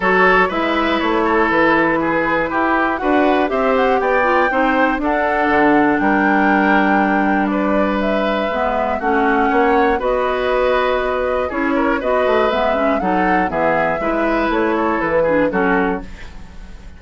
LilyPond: <<
  \new Staff \with { instrumentName = "flute" } { \time 4/4 \tempo 4 = 120 cis''4 e''4 cis''4 b'4~ | b'2 fis''4 e''8 fis''8 | g''2 fis''2 | g''2. d''4 |
e''2 fis''2 | dis''2. cis''4 | dis''4 e''4 fis''4 e''4~ | e''4 cis''4 b'4 a'4 | }
  \new Staff \with { instrumentName = "oboe" } { \time 4/4 a'4 b'4. a'4. | gis'4 g'4 b'4 c''4 | d''4 c''4 a'2 | ais'2. b'4~ |
b'2 fis'4 cis''4 | b'2. gis'8 ais'8 | b'2 a'4 gis'4 | b'4. a'4 gis'8 fis'4 | }
  \new Staff \with { instrumentName = "clarinet" } { \time 4/4 fis'4 e'2.~ | e'2 fis'4 g'4~ | g'8 f'8 dis'4 d'2~ | d'1~ |
d'4 b4 cis'2 | fis'2. e'4 | fis'4 b8 cis'8 dis'4 b4 | e'2~ e'8 d'8 cis'4 | }
  \new Staff \with { instrumentName = "bassoon" } { \time 4/4 fis4 gis4 a4 e4~ | e4 e'4 d'4 c'4 | b4 c'4 d'4 d4 | g1~ |
g4 gis4 a4 ais4 | b2. cis'4 | b8 a8 gis4 fis4 e4 | gis4 a4 e4 fis4 | }
>>